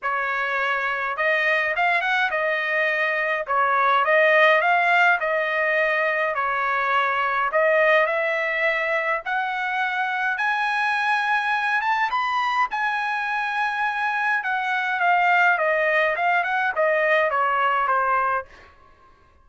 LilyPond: \new Staff \with { instrumentName = "trumpet" } { \time 4/4 \tempo 4 = 104 cis''2 dis''4 f''8 fis''8 | dis''2 cis''4 dis''4 | f''4 dis''2 cis''4~ | cis''4 dis''4 e''2 |
fis''2 gis''2~ | gis''8 a''8 b''4 gis''2~ | gis''4 fis''4 f''4 dis''4 | f''8 fis''8 dis''4 cis''4 c''4 | }